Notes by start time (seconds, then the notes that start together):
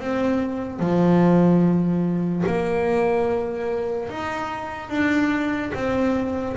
0.00 C4
0.80 F3
2.46 A#3
4.09 D#4
4.90 D4
5.74 C4